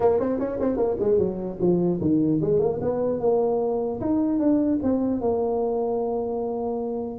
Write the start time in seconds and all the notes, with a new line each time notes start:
0.00 A#3
0.19 C4
0.39 C#4
0.60 C4
0.76 A#3
0.99 G#3
1.18 F#3
1.60 F3
2.00 D#3
2.41 G#3
2.59 A#3
2.81 B3
3.20 A#3
4.00 D#4
4.39 D4
4.82 C4
5.20 A#3